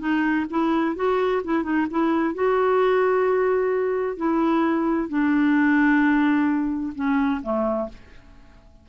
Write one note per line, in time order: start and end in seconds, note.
0.00 0.46 D#4
0.50 0.96 E4
0.96 1.42 F#4
1.45 1.64 E4
1.64 1.87 D#4
1.91 2.35 E4
2.35 4.17 F#4
4.17 5.09 E4
5.09 6.94 D4
6.96 7.42 C#4
7.43 7.89 A3